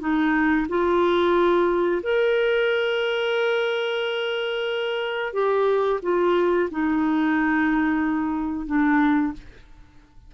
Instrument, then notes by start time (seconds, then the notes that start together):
clarinet
0.00 D#4
0.69 F4
2.03 A#4
5.33 G4
6.02 F4
6.71 D#4
8.66 D4